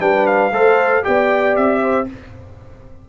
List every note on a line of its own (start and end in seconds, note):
0.00 0.52 G3
0.00 0.52 D4
0.00 0.53 B4
0.00 0.27 G5
0.27 1.05 F5
0.52 1.03 A3
0.52 1.03 A4
0.52 1.05 C5
1.03 1.58 B3
1.03 2.07 G4
1.03 1.82 D5
1.03 1.57 G5
1.57 2.09 C4
1.57 2.08 E5
1.82 2.08 C5